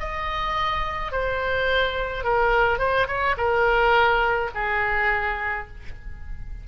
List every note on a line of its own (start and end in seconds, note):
0.00 1.12 D#5
1.12 2.24 C5
2.24 2.79 A#4
2.79 3.07 C5
3.08 3.36 C#5
3.38 4.51 A#4
4.55 5.68 G#4